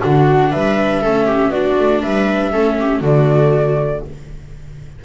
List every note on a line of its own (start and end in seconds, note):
0.00 0.54 D3
0.00 1.03 D4
0.00 0.50 F#4
0.00 0.51 F#5
0.51 1.04 G3
0.51 1.01 B4
0.51 1.51 E5
1.01 1.48 A3
1.01 1.53 C#4
1.01 1.26 A4
1.26 1.50 G4
1.48 1.73 B3
1.48 2.52 D4
1.48 2.00 F#4
1.48 2.01 D5
1.79 2.04 A3
2.01 2.54 G3
2.01 2.51 B4
2.01 3.01 E5
2.52 3.00 A3
2.52 3.02 C#4
2.52 2.77 A4
2.79 3.01 G4
3.00 4.00 D3
3.00 4.03 A3
3.00 4.01 F#4
3.00 4.04 D5